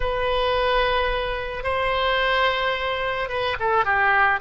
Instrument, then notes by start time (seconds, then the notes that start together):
oboe
0.00 B4
1.63 C5
3.28 B4
3.59 A4
3.84 G4